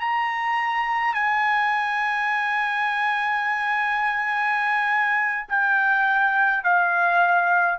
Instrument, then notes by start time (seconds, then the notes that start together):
trumpet
0.00 A#5
1.14 G#5
5.48 G5
6.63 F5